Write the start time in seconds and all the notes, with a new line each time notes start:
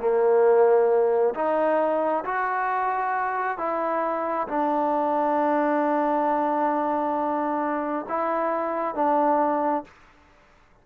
0.00 A#3
1.35 D#4
2.25 F#4
3.58 E4
4.48 D4
8.08 E4
8.95 D4